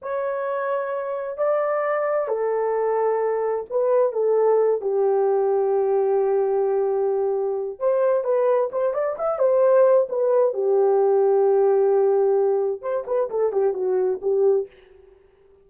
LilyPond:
\new Staff \with { instrumentName = "horn" } { \time 4/4 \tempo 4 = 131 cis''2. d''4~ | d''4 a'2. | b'4 a'4. g'4.~ | g'1~ |
g'4 c''4 b'4 c''8 d''8 | e''8 c''4. b'4 g'4~ | g'1 | c''8 b'8 a'8 g'8 fis'4 g'4 | }